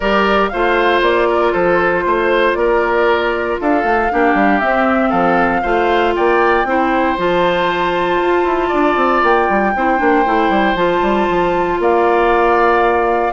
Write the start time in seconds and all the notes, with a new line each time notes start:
0.00 G3 G4 A#4 D5
0.48 A3 F4 C5 F5
1.01 A#3 D5
1.28 A#4
1.52 F3 A4 C5
2.05 A3 C5
2.54 A#3 A#4 D5
3.60 D4 A4 F5
3.83 A3
4.11 A#3 D4 G4
4.34 G3
4.60 C4 E5
5.09 F3 A4 F5
5.62 A3 F4 C5
6.15 A#3 D5 G5
6.64 C4 E4 C5
7.18 F3 F4 A5
8.21 F4
8.44 E4
8.68 D4 D5
8.96 C4
9.23 A#3 G5
9.49 G3
9.75 C4 E4 C5
9.98 A#3 D4
10.25 A3 E4
10.49 G3
10.74 F3 F4 A5
11.02 G3
11.29 F3
11.79 A#3 D5 F5